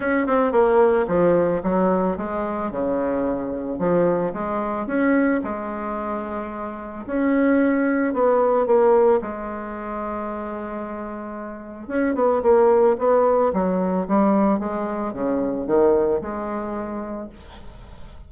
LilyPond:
\new Staff \with { instrumentName = "bassoon" } { \time 4/4 \tempo 4 = 111 cis'8 c'8 ais4 f4 fis4 | gis4 cis2 f4 | gis4 cis'4 gis2~ | gis4 cis'2 b4 |
ais4 gis2.~ | gis2 cis'8 b8 ais4 | b4 fis4 g4 gis4 | cis4 dis4 gis2 | }